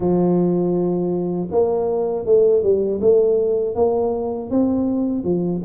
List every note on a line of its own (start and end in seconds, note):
0.00 1.48 F3
1.51 2.25 A#3
2.25 2.62 A3
2.62 3.00 G3
3.01 3.75 A3
3.75 4.50 A#3
4.50 5.23 C4
5.23 5.61 F3